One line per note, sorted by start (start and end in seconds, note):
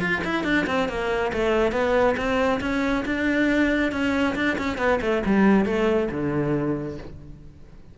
0.00 0.22 F4
0.24 0.44 E4
0.44 0.66 D4
0.67 0.88 C4
0.88 1.32 A#3
1.33 1.72 A3
1.72 2.15 B3
2.17 2.60 C4
2.61 3.04 C#4
3.05 3.92 D4
3.92 4.35 C#4
4.35 4.57 D4
4.58 4.78 C#4
4.78 5.00 B3
5.01 5.23 A3
5.26 5.65 G3
5.65 6.09 A3
6.11 6.98 D3